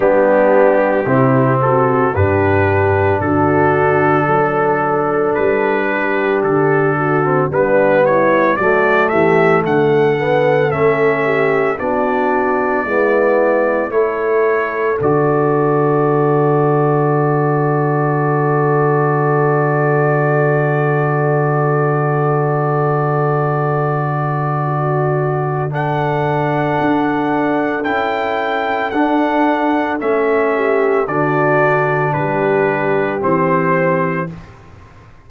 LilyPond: <<
  \new Staff \with { instrumentName = "trumpet" } { \time 4/4 \tempo 4 = 56 g'4. a'8 b'4 a'4~ | a'4 b'4 a'4 b'8 cis''8 | d''8 e''8 fis''4 e''4 d''4~ | d''4 cis''4 d''2~ |
d''1~ | d''1 | fis''2 g''4 fis''4 | e''4 d''4 b'4 c''4 | }
  \new Staff \with { instrumentName = "horn" } { \time 4/4 d'4 e'8 fis'8 g'4 fis'4 | a'4. g'4 fis'8 d'8 e'8 | fis'8 g'8 a'4. g'8 fis'4 | e'4 a'2.~ |
a'1~ | a'2. fis'4 | a'1~ | a'8 g'8 fis'4 g'2 | }
  \new Staff \with { instrumentName = "trombone" } { \time 4/4 b4 c'4 d'2~ | d'2~ d'8. c'16 b4 | a4. b8 cis'4 d'4 | b4 e'4 fis'2~ |
fis'1~ | fis'1 | d'2 e'4 d'4 | cis'4 d'2 c'4 | }
  \new Staff \with { instrumentName = "tuba" } { \time 4/4 g4 c4 g,4 d4 | fis4 g4 d4 g4 | fis8 e8 d4 a4 b4 | gis4 a4 d2~ |
d1~ | d1~ | d4 d'4 cis'4 d'4 | a4 d4 g4 e4 | }
>>